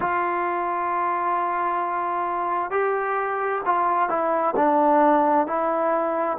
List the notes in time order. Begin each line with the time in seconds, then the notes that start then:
0.00 F4
2.70 G4
3.65 F4
4.09 E4
4.55 D4
5.46 E4